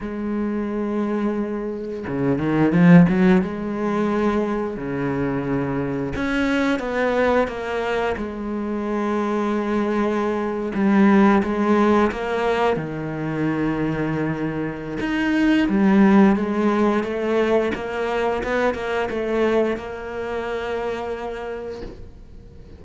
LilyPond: \new Staff \with { instrumentName = "cello" } { \time 4/4 \tempo 4 = 88 gis2. cis8 dis8 | f8 fis8 gis2 cis4~ | cis4 cis'4 b4 ais4 | gis2.~ gis8. g16~ |
g8. gis4 ais4 dis4~ dis16~ | dis2 dis'4 g4 | gis4 a4 ais4 b8 ais8 | a4 ais2. | }